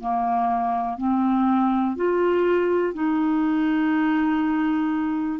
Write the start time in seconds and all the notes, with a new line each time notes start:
0.00 A#3
0.98 C4
1.96 F4
2.94 D#4